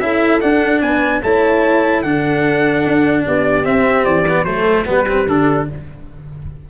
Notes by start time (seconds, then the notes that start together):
0.00 C#4 E4 A4 E5
0.41 D4 F#5
0.82 B3 B4 G#5
1.23 A3 E4 C#5 A5
2.02 D3 D4 A4 F#5
2.86 D4
3.26 B3 G4 D5
3.64 C4 E5
4.05 E3 D5
4.28 B3
4.44 F#3 A3 A4 C5
4.86 G3 B3 G4 B4
5.08 C4
5.27 D3 D4 A4